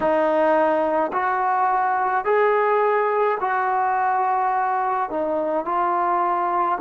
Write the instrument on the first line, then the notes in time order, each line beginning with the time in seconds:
trombone
0.00 D#4
1.12 F#4
2.24 G#4
3.40 F#4
5.09 D#4
5.64 F4